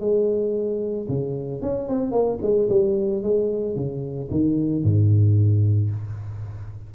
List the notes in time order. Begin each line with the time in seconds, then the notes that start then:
0.00 G#3
1.08 C#3
1.62 C#4
1.88 C4
2.12 A#3
2.42 G#3
2.69 G3
3.23 G#3
3.75 C#3
4.31 D#3
4.83 G#2